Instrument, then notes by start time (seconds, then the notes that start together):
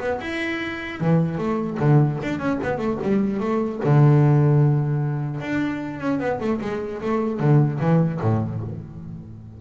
double bass
0.00 B3
0.21 E4
1.00 E3
1.38 A3
1.79 D3
2.23 D4
2.39 C#4
2.63 B3
2.78 A3
3.02 G3
3.40 A3
3.84 D3
5.40 D4
6.00 C#4
6.19 B3
6.40 A3
6.61 G#3
7.01 A3
7.39 D3
7.80 E3
8.21 A2